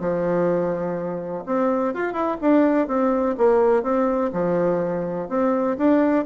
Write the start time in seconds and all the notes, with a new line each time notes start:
0.00 F3
1.46 C4
1.94 F4
2.13 E4
2.41 D4
2.87 C4
3.37 A#3
3.83 C4
4.33 F3
5.28 C4
5.78 D4